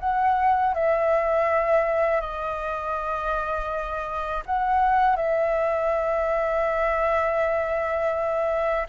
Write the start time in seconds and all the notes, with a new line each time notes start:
0.00 F#5
0.74 E5
2.21 D#5
4.46 F#5
5.16 E5